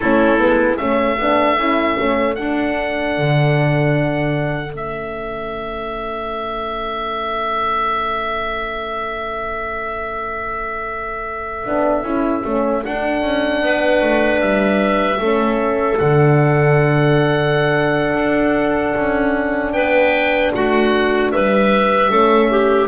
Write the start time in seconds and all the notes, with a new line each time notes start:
0.00 A3 C#4 E4 A4
0.38 G#3 B3
0.77 A3 C#4 A4 E5
1.18 B3 D4
1.58 C#4 E4
1.97 A3 C#4
2.35 D4 F#5
3.17 D3
4.72 A3 C#4 E5
11.65 B3 D4
12.03 C#4 E4
12.44 A3 C#4
12.82 D4 F#5
13.22 C#4
13.61 B3 B4
14.01 A3
14.40 G3 E5
15.18 A3 C#4 A4
15.99 D3 D4 F#5
18.14 D4
18.96 C#4
19.72 B3 B4 G5
20.53 A3 F#4 F#5
21.31 G3 B4 E5
22.09 A3 C#4 A4
22.50 G4